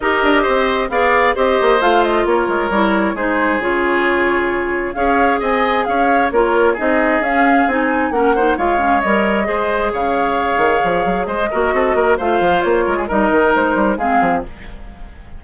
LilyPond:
<<
  \new Staff \with { instrumentName = "flute" } { \time 4/4 \tempo 4 = 133 dis''2 f''4 dis''4 | f''8 dis''8 cis''2 c''4 | cis''2. f''4 | gis''4 f''4 cis''4 dis''4 |
f''4 gis''4 fis''4 f''4 | dis''2 f''2~ | f''4 dis''2 f''4 | cis''4 dis''4 c''4 f''4 | }
  \new Staff \with { instrumentName = "oboe" } { \time 4/4 ais'4 c''4 d''4 c''4~ | c''4 ais'2 gis'4~ | gis'2. cis''4 | dis''4 cis''4 ais'4 gis'4~ |
gis'2 ais'8 c''8 cis''4~ | cis''4 c''4 cis''2~ | cis''4 c''8 ais'8 a'8 ais'8 c''4~ | c''8 ais'16 gis'16 ais'2 gis'4 | }
  \new Staff \with { instrumentName = "clarinet" } { \time 4/4 g'2 gis'4 g'4 | f'2 e'4 dis'4 | f'2. gis'4~ | gis'2 f'4 dis'4 |
cis'4 dis'4 cis'8 dis'8 f'8 cis'8 | ais'4 gis'2.~ | gis'4. fis'4. f'4~ | f'4 dis'2 c'4 | }
  \new Staff \with { instrumentName = "bassoon" } { \time 4/4 dis'8 d'8 c'4 b4 c'8 ais8 | a4 ais8 gis8 g4 gis4 | cis2. cis'4 | c'4 cis'4 ais4 c'4 |
cis'4 c'4 ais4 gis4 | g4 gis4 cis4. dis8 | f8 fis8 gis8 ais8 c'8 ais8 a8 f8 | ais8 gis8 g8 dis8 gis8 g8 gis8 f8 | }
>>